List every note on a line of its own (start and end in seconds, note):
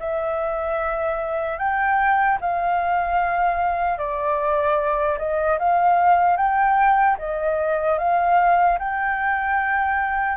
0.00 1.59 E5
1.59 2.39 G5
2.41 3.99 F5
3.99 5.19 D5
5.19 5.59 D#5
5.59 6.37 F5
6.37 7.17 G5
7.19 7.99 D#5
7.99 8.79 F5
8.79 10.38 G5